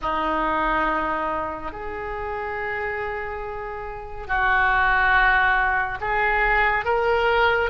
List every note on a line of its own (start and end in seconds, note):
0.01 1.71 D#4
1.71 4.27 G#4
4.27 5.98 F#4
6.00 6.85 G#4
6.85 7.70 A#4